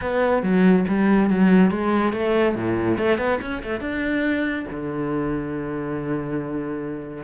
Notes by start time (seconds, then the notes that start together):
0.01 B3
0.42 F#3
0.88 G3
1.30 F#3
1.70 G#3
2.12 A3
2.55 A2
2.98 A3
3.17 B3
3.41 C#4
3.62 A3
3.80 D4
4.70 D3